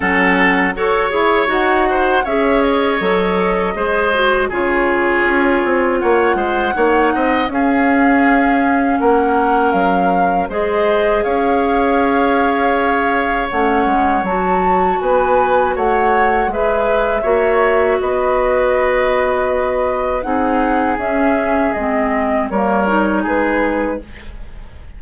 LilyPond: <<
  \new Staff \with { instrumentName = "flute" } { \time 4/4 \tempo 4 = 80 fis''4 cis''4 fis''4 e''8 dis''8~ | dis''2 cis''2 | fis''2 f''2 | fis''4 f''4 dis''4 f''4~ |
f''2 fis''4 a''4 | gis''4 fis''4 e''2 | dis''2. fis''4 | e''4 dis''4 cis''4 b'4 | }
  \new Staff \with { instrumentName = "oboe" } { \time 4/4 a'4 cis''4. c''8 cis''4~ | cis''4 c''4 gis'2 | cis''8 c''8 cis''8 dis''8 gis'2 | ais'2 c''4 cis''4~ |
cis''1 | b'4 cis''4 b'4 cis''4 | b'2. gis'4~ | gis'2 ais'4 gis'4 | }
  \new Staff \with { instrumentName = "clarinet" } { \time 4/4 cis'4 a'8 gis'8 fis'4 gis'4 | a'4 gis'8 fis'8 f'2~ | f'4 dis'4 cis'2~ | cis'2 gis'2~ |
gis'2 cis'4 fis'4~ | fis'2 gis'4 fis'4~ | fis'2. dis'4 | cis'4 c'4 ais8 dis'4. | }
  \new Staff \with { instrumentName = "bassoon" } { \time 4/4 fis4 fis'8 e'8 dis'4 cis'4 | fis4 gis4 cis4 cis'8 c'8 | ais8 gis8 ais8 c'8 cis'2 | ais4 fis4 gis4 cis'4~ |
cis'2 a8 gis8 fis4 | b4 a4 gis4 ais4 | b2. c'4 | cis'4 gis4 g4 gis4 | }
>>